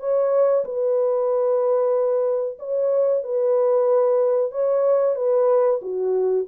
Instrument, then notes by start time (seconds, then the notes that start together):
horn
0.00 C#5
0.65 B4
2.59 C#5
3.24 B4
4.52 C#5
5.16 B4
5.82 F#4